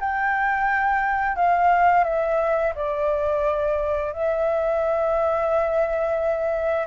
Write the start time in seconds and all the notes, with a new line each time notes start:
0.00 G5
1.36 F5
2.04 E5
2.76 D5
4.13 E5